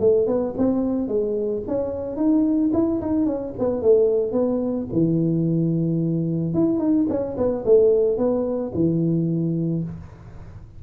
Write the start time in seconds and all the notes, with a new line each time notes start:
0.00 A3
0.27 B3
0.58 C4
1.08 G#3
1.67 C#4
2.16 D#4
2.73 E4
3.01 D#4
3.26 C#4
3.59 B3
3.82 A3
4.32 B3
4.92 E3
6.54 E4
6.79 D#4
7.09 C#4
7.37 B3
7.65 A3
8.18 B3
8.74 E3